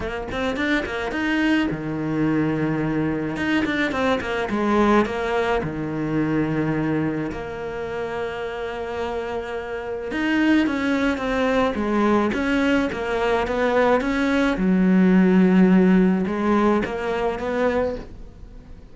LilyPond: \new Staff \with { instrumentName = "cello" } { \time 4/4 \tempo 4 = 107 ais8 c'8 d'8 ais8 dis'4 dis4~ | dis2 dis'8 d'8 c'8 ais8 | gis4 ais4 dis2~ | dis4 ais2.~ |
ais2 dis'4 cis'4 | c'4 gis4 cis'4 ais4 | b4 cis'4 fis2~ | fis4 gis4 ais4 b4 | }